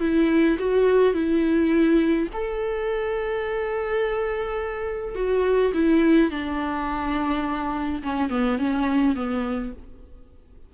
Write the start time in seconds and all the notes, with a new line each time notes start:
0.00 E4
0.59 F#4
1.14 E4
2.33 A4
5.16 F#4
5.74 E4
6.31 D4
8.03 C#4
8.30 B3
8.59 C#4
9.16 B3